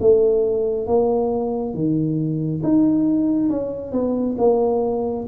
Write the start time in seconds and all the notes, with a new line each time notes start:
0.00 A3
0.87 A#3
1.74 D#3
2.63 D#4
3.50 C#4
3.92 B3
4.38 A#3